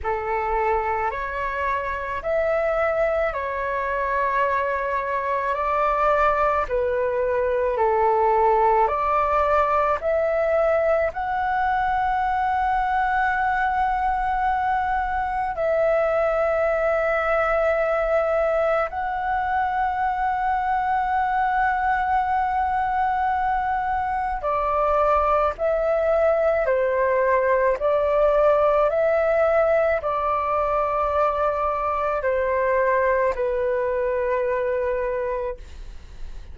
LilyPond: \new Staff \with { instrumentName = "flute" } { \time 4/4 \tempo 4 = 54 a'4 cis''4 e''4 cis''4~ | cis''4 d''4 b'4 a'4 | d''4 e''4 fis''2~ | fis''2 e''2~ |
e''4 fis''2.~ | fis''2 d''4 e''4 | c''4 d''4 e''4 d''4~ | d''4 c''4 b'2 | }